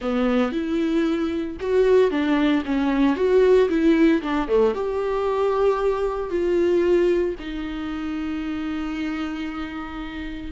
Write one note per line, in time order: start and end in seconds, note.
0.01 0.51 B3
0.51 1.57 E4
1.60 2.10 F#4
2.10 2.63 D4
2.65 3.16 C#4
3.16 3.68 F#4
3.69 4.21 E4
4.22 4.48 D4
4.48 4.74 A3
4.74 6.30 G4
6.30 7.35 F4
7.39 10.52 D#4